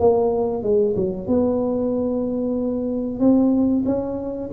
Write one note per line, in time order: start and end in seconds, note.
0.00 0.63 A#3
0.63 0.95 G#3
0.96 1.28 F#3
1.28 3.20 B3
3.20 3.85 C4
3.86 4.50 C#4